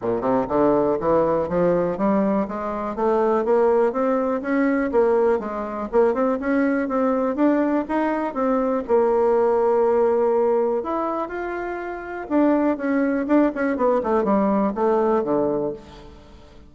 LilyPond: \new Staff \with { instrumentName = "bassoon" } { \time 4/4 \tempo 4 = 122 ais,8 c8 d4 e4 f4 | g4 gis4 a4 ais4 | c'4 cis'4 ais4 gis4 | ais8 c'8 cis'4 c'4 d'4 |
dis'4 c'4 ais2~ | ais2 e'4 f'4~ | f'4 d'4 cis'4 d'8 cis'8 | b8 a8 g4 a4 d4 | }